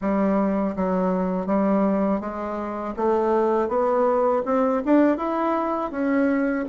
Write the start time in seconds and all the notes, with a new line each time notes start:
0.01 G3
0.76 F#3
1.46 G3
2.20 G#3
2.96 A3
3.68 B3
4.45 C4
4.85 D4
5.17 E4
5.91 C#4